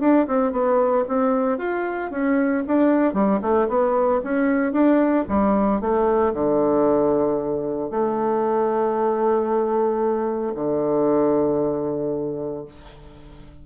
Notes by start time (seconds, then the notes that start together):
0.00 D4
0.27 C4
0.52 B3
1.08 C4
1.58 F4
2.11 C#4
2.67 D4
3.14 G3
3.42 A3
3.68 B3
4.24 C#4
4.72 D4
5.28 G3
5.81 A3
6.34 D3
7.90 A3
10.55 D3